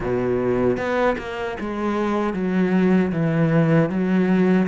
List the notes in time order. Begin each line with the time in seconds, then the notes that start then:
0.00 B2
0.77 B3
1.18 A#3
1.59 G#3
2.33 F#3
3.12 E3
3.89 F#3